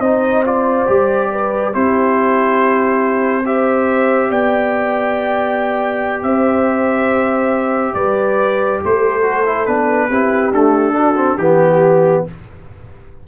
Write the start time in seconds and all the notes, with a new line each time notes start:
0.00 C4 D#4 C5 D#5
0.45 F4 D5
0.87 G3 G4
1.32 B4
1.73 C4 E4 G4 C5
3.45 G4 C5 E5
4.30 B3 D5 G5
6.23 C4 C5 E5
7.94 G3 B4 D5
8.84 A3 A4 C5
9.22 F#4
9.46 E4
9.66 B3 D4 B4
10.09 C4 E4 G4
10.52 A3 D4 A4
10.93 D4 F#4
11.16 C4
11.38 E3 B3 G4